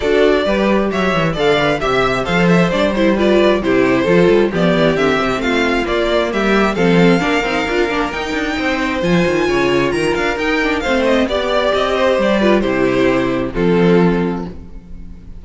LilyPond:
<<
  \new Staff \with { instrumentName = "violin" } { \time 4/4 \tempo 4 = 133 d''2 e''4 f''4 | e''4 f''8 e''8 d''8 c''8 d''4 | c''2 d''4 e''4 | f''4 d''4 e''4 f''4~ |
f''2 g''2 | gis''2 ais''8 f''8 g''4 | f''8 dis''8 d''4 dis''4 d''4 | c''2 a'2 | }
  \new Staff \with { instrumentName = "violin" } { \time 4/4 a'4 b'4 cis''4 d''4 | e''4 c''2 b'4 | g'4 a'4 g'2 | f'2 g'4 a'4 |
ais'2. c''4~ | c''4 cis''4 ais'2 | c''4 d''4. c''4 b'8 | g'2 f'2 | }
  \new Staff \with { instrumentName = "viola" } { \time 4/4 fis'4 g'2 a'8 b'8 | g'4 a'4 d'8 e'8 f'4 | e'4 f'4 b4 c'4~ | c'4 ais2 c'4 |
d'8 dis'8 f'8 d'8 dis'2 | f'2. dis'8 d'8 | c'4 g'2~ g'8 f'8 | e'2 c'2 | }
  \new Staff \with { instrumentName = "cello" } { \time 4/4 d'4 g4 fis8 e8 d4 | c4 f4 g2 | c4 f8 g8 f8 e8 d8 c8 | a4 ais4 g4 f4 |
ais8 c'8 d'8 ais8 dis'8 d'8 c'4 | f8 dis8 cis4 dis8 d'8 dis'4 | a4 b4 c'4 g4 | c2 f2 | }
>>